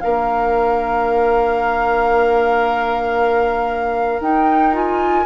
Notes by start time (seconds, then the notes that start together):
0.00 A#3 D4 A#4 F5
4.20 D#4 G5
4.72 F4 G#5